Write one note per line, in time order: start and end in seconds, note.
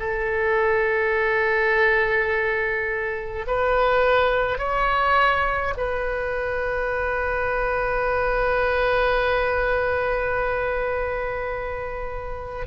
0.00 3.46 A4
3.47 4.59 B4
4.59 5.74 C#5
5.77 12.67 B4